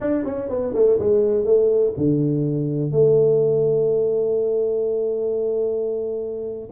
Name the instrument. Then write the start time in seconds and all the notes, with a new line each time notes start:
tuba
0.00 D4
0.24 C#4
0.49 B3
0.74 A3
0.99 G#3
1.45 A3
1.97 D3
2.91 A3